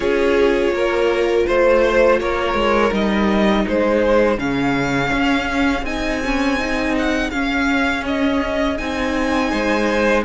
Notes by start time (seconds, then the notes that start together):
0.00 C#4 F4 G#4 C#5
0.71 A#3 A#4
1.46 A3 C5
2.20 A#3 A#4 C#5
2.54 G#3
2.91 G3 D#4 D#5
3.65 G#3 G#4 C5
4.38 C#3 C#4 F5
5.12 C#4
5.82 C4 D#4 G#5
6.24 C#4
6.58 D#4
6.98 F#5
7.30 C#4 F5
8.06 D#5
8.77 C4 D#4 G#5
9.51 G#3 C5